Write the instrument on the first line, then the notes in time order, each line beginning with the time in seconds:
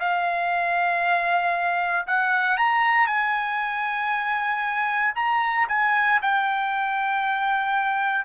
trumpet
0.00 F5
2.07 F#5
2.58 A#5
3.08 G#5
5.16 A#5
5.69 G#5
6.23 G5